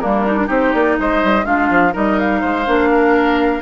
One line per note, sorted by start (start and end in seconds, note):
0.00 0.49 G3
0.00 0.26 A#3
0.00 0.47 D4
0.00 0.48 A#4
0.26 0.37 D#4
0.37 0.47 D4
0.47 0.73 C4
0.47 1.43 D#4
0.47 0.95 G4
0.47 0.74 C5
0.74 0.98 A#3
0.74 0.98 D5
0.99 1.23 G#3
0.99 1.45 C5
0.99 1.45 D#5
1.24 1.45 G3
1.45 1.69 G#3
1.45 1.92 D4
1.45 1.93 F4
1.45 1.93 F5
1.70 1.94 F3
1.92 2.43 G3
1.92 2.64 D#4
1.92 2.41 A#4
1.92 2.19 D#5
2.19 3.62 F5
2.41 2.67 G#3
2.41 2.89 C5
2.66 3.62 A#3
2.66 3.62 D4
2.91 3.62 A#4